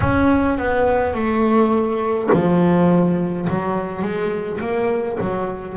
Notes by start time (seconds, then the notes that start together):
0.00 C#4
0.58 B3
1.14 A3
2.32 F3
3.49 F#3
4.02 G#3
4.60 A#3
5.20 F#3